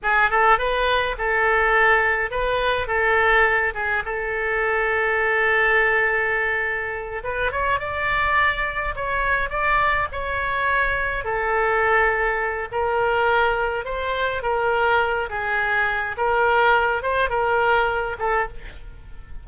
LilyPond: \new Staff \with { instrumentName = "oboe" } { \time 4/4 \tempo 4 = 104 gis'8 a'8 b'4 a'2 | b'4 a'4. gis'8 a'4~ | a'1~ | a'8 b'8 cis''8 d''2 cis''8~ |
cis''8 d''4 cis''2 a'8~ | a'2 ais'2 | c''4 ais'4. gis'4. | ais'4. c''8 ais'4. a'8 | }